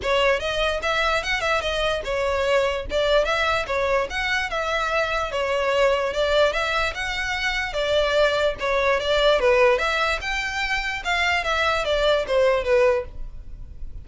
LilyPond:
\new Staff \with { instrumentName = "violin" } { \time 4/4 \tempo 4 = 147 cis''4 dis''4 e''4 fis''8 e''8 | dis''4 cis''2 d''4 | e''4 cis''4 fis''4 e''4~ | e''4 cis''2 d''4 |
e''4 fis''2 d''4~ | d''4 cis''4 d''4 b'4 | e''4 g''2 f''4 | e''4 d''4 c''4 b'4 | }